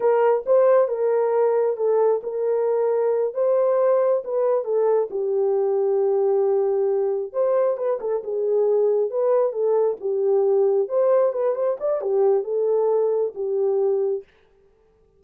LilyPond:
\new Staff \with { instrumentName = "horn" } { \time 4/4 \tempo 4 = 135 ais'4 c''4 ais'2 | a'4 ais'2~ ais'8 c''8~ | c''4. b'4 a'4 g'8~ | g'1~ |
g'8 c''4 b'8 a'8 gis'4.~ | gis'8 b'4 a'4 g'4.~ | g'8 c''4 b'8 c''8 d''8 g'4 | a'2 g'2 | }